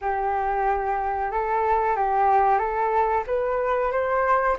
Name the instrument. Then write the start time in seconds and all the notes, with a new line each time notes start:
flute
0.01 G4
1.31 A4
1.96 G4
2.58 A4
3.26 B4
3.91 C5